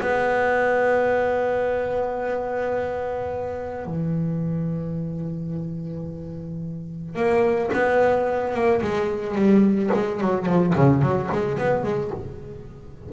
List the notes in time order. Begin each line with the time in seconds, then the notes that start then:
0.00 B3
3.85 E3
7.15 A#3
7.73 B3
8.53 A#3
8.81 G#3
9.35 G3
9.93 G#3
10.20 F#3
10.46 F3
10.75 C#3
11.01 F#3
11.31 G#3
11.58 B3
11.83 G#3